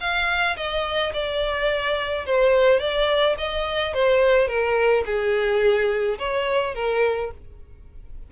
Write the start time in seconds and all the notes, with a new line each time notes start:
0.00 F5
0.57 D#5
1.13 D5
2.26 C5
2.80 D5
3.38 D#5
3.94 C5
4.48 A#4
5.06 G#4
6.19 C#5
6.75 A#4